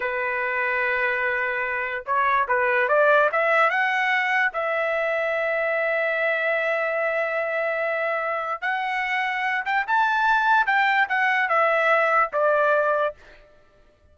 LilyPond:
\new Staff \with { instrumentName = "trumpet" } { \time 4/4 \tempo 4 = 146 b'1~ | b'4 cis''4 b'4 d''4 | e''4 fis''2 e''4~ | e''1~ |
e''1~ | e''4 fis''2~ fis''8 g''8 | a''2 g''4 fis''4 | e''2 d''2 | }